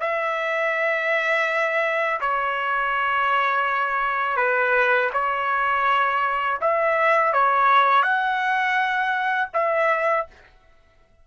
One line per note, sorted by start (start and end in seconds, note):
0.00 2.20 E5
2.21 4.37 C#5
4.37 5.10 B4
5.13 6.59 C#5
6.61 7.33 E5
7.33 8.02 C#5
8.02 9.49 F#5
9.54 10.27 E5